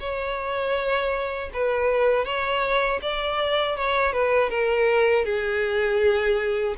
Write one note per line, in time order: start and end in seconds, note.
0.00 1.50 C#5
1.54 2.25 B4
2.25 3.00 C#5
3.02 3.77 D5
3.77 4.13 C#5
4.13 4.50 B4
4.50 5.25 A#4
5.25 6.75 G#4